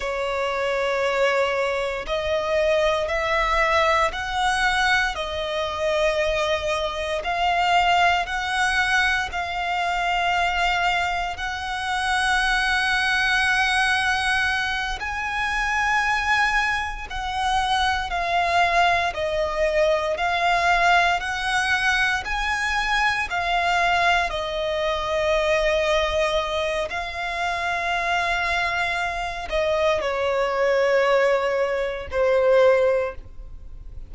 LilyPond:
\new Staff \with { instrumentName = "violin" } { \time 4/4 \tempo 4 = 58 cis''2 dis''4 e''4 | fis''4 dis''2 f''4 | fis''4 f''2 fis''4~ | fis''2~ fis''8 gis''4.~ |
gis''8 fis''4 f''4 dis''4 f''8~ | f''8 fis''4 gis''4 f''4 dis''8~ | dis''2 f''2~ | f''8 dis''8 cis''2 c''4 | }